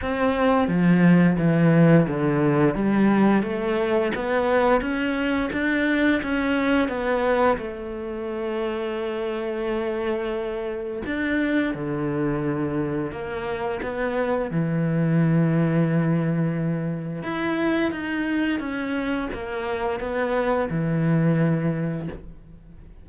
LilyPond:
\new Staff \with { instrumentName = "cello" } { \time 4/4 \tempo 4 = 87 c'4 f4 e4 d4 | g4 a4 b4 cis'4 | d'4 cis'4 b4 a4~ | a1 |
d'4 d2 ais4 | b4 e2.~ | e4 e'4 dis'4 cis'4 | ais4 b4 e2 | }